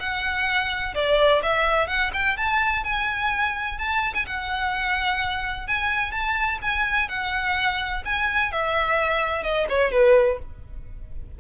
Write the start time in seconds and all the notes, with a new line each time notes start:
0.00 F#5
0.95 D5
1.43 E5
1.88 F#5
2.14 G5
2.37 A5
2.84 G#5
3.79 A5
4.14 G#5
4.27 F#5
5.68 G#5
6.12 A5
6.62 G#5
7.09 F#5
8.06 G#5
8.52 E5
9.43 D#5
9.69 C#5
9.92 B4